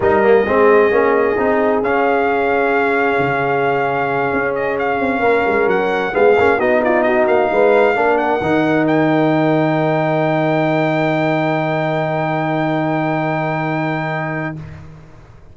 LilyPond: <<
  \new Staff \with { instrumentName = "trumpet" } { \time 4/4 \tempo 4 = 132 dis''1 | f''1~ | f''2 dis''8 f''4.~ | f''8 fis''4 f''4 dis''8 d''8 dis''8 |
f''2 fis''4. g''8~ | g''1~ | g''1~ | g''1 | }
  \new Staff \with { instrumentName = "horn" } { \time 4/4 ais'4 gis'2.~ | gis'1~ | gis'2.~ gis'8 ais'8~ | ais'4. gis'4 fis'8 f'8 fis'8~ |
fis'8 b'4 ais'2~ ais'8~ | ais'1~ | ais'1~ | ais'1 | }
  \new Staff \with { instrumentName = "trombone" } { \time 4/4 dis'8 ais8 c'4 cis'4 dis'4 | cis'1~ | cis'1~ | cis'4. b8 cis'8 dis'4.~ |
dis'4. d'4 dis'4.~ | dis'1~ | dis'1~ | dis'1 | }
  \new Staff \with { instrumentName = "tuba" } { \time 4/4 g4 gis4 ais4 c'4 | cis'2. cis4~ | cis4. cis'4. c'8 ais8 | gis8 fis4 gis8 ais8 b4. |
ais8 gis4 ais4 dis4.~ | dis1~ | dis1~ | dis1 | }
>>